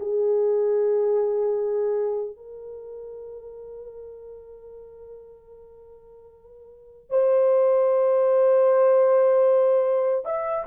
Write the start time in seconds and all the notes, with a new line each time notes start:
0.00 G#4
2.36 A#4
7.10 C5
10.25 E5